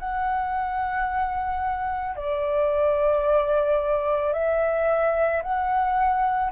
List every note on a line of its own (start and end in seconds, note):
0.00 2.16 F#5
2.16 4.33 D5
4.33 5.42 E5
5.43 6.52 F#5